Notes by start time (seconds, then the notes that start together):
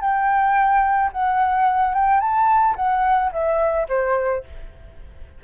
0.00 G5
1.12 F#5
1.94 G5
2.20 A5
2.75 F#5
3.32 E5
3.88 C5